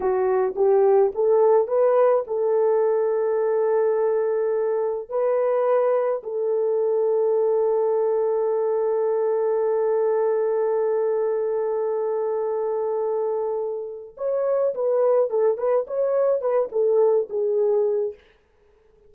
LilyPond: \new Staff \with { instrumentName = "horn" } { \time 4/4 \tempo 4 = 106 fis'4 g'4 a'4 b'4 | a'1~ | a'4 b'2 a'4~ | a'1~ |
a'1~ | a'1~ | a'4 cis''4 b'4 a'8 b'8 | cis''4 b'8 a'4 gis'4. | }